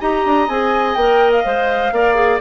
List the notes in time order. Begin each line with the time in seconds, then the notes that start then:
0.00 D#4 G4 D#5 A#5
0.26 D4
0.48 C4 G#4 G#5
0.94 A#3 A#4 G5
1.31 F5
1.44 G#3 C5
1.92 A#3 A#4 D5
2.14 G#4